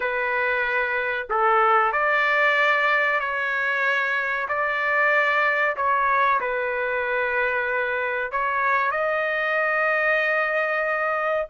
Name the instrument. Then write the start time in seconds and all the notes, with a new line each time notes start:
trumpet
0.00 B4
1.29 A4
1.92 D5
3.19 C#5
4.48 D5
5.76 C#5
6.40 B4
8.31 C#5
8.91 D#5